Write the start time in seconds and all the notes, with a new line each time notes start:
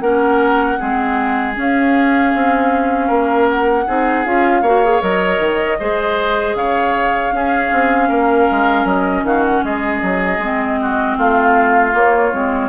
0.00 A#3 C#4 A#4 F#5
0.78 G#3 C4 G#4
1.54 C#4 F5
2.34 C4
3.07 A#3 A#4
3.49 F#5
3.87 C4 D#4 G#4
4.25 C#4 F4 F5
4.62 A#3 F#4 C#5
4.84 G#4
5.01 F#3 A#4 D#5
5.39 D#3
5.79 G#3 G#4 C5
6.55 C#3 C#5 F5
7.31 C#4 G#4
7.72 C4
8.08 A#3 A#4
8.51 G#3
8.84 F#3 D#5
9.23 D#3 F#4 F5
9.45 F#5
9.63 G#3 G#4 D#5
10.02 F#3
10.38 G#3 C4
10.81 F#4
11.17 A3 F4 F5
11.91 A#3 C#5
12.33 G#3 C4